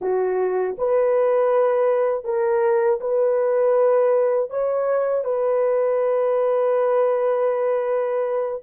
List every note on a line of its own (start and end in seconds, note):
0.01 0.76 F#4
0.78 2.24 B4
2.24 2.99 A#4
3.00 4.50 B4
4.50 5.24 C#5
5.24 8.61 B4